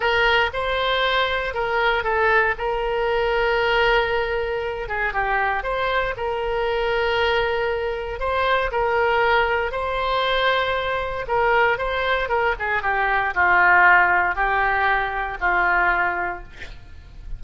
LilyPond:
\new Staff \with { instrumentName = "oboe" } { \time 4/4 \tempo 4 = 117 ais'4 c''2 ais'4 | a'4 ais'2.~ | ais'4. gis'8 g'4 c''4 | ais'1 |
c''4 ais'2 c''4~ | c''2 ais'4 c''4 | ais'8 gis'8 g'4 f'2 | g'2 f'2 | }